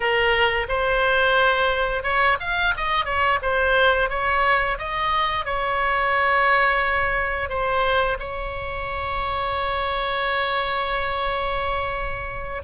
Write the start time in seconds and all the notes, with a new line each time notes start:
0.00 A#4
0.68 C5
2.03 C#5
2.40 F5
2.76 D#5
3.05 C#5
3.42 C5
4.09 C#5
4.78 D#5
5.45 C#5
7.49 C5
8.19 C#5